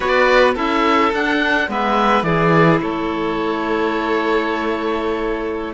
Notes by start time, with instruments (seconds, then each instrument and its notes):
0.00 cello B3, clarinet F#4, violin B4, oboe D5
0.54 cello C#4, clarinet E4, violin A4, oboe E5
1.12 cello D4, clarinet D4, oboe F#5
1.67 cello G#3, clarinet B3, violin B4, oboe E5
2.23 cello E3, clarinet E4, violin G#4, oboe D5
2.81 cello A3, violin A4, oboe C#5